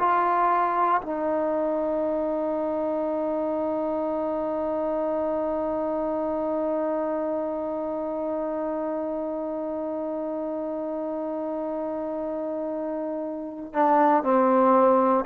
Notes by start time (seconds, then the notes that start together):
0.00 F4
1.03 D#4
13.73 D4
14.24 C4